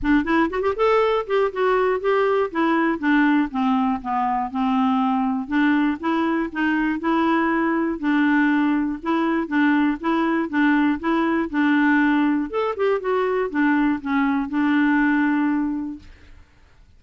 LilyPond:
\new Staff \with { instrumentName = "clarinet" } { \time 4/4 \tempo 4 = 120 d'8 e'8 fis'16 g'16 a'4 g'8 fis'4 | g'4 e'4 d'4 c'4 | b4 c'2 d'4 | e'4 dis'4 e'2 |
d'2 e'4 d'4 | e'4 d'4 e'4 d'4~ | d'4 a'8 g'8 fis'4 d'4 | cis'4 d'2. | }